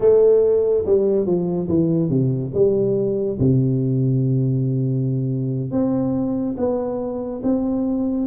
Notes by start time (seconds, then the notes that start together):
0.00 A3
0.85 G3
1.26 F3
1.68 E3
2.09 C3
2.54 G3
3.39 C3
5.71 C4
6.57 B3
7.43 C4